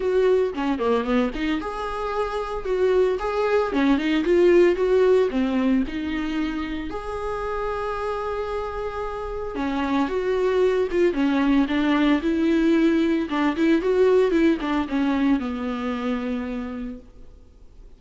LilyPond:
\new Staff \with { instrumentName = "viola" } { \time 4/4 \tempo 4 = 113 fis'4 cis'8 ais8 b8 dis'8 gis'4~ | gis'4 fis'4 gis'4 cis'8 dis'8 | f'4 fis'4 c'4 dis'4~ | dis'4 gis'2.~ |
gis'2 cis'4 fis'4~ | fis'8 f'8 cis'4 d'4 e'4~ | e'4 d'8 e'8 fis'4 e'8 d'8 | cis'4 b2. | }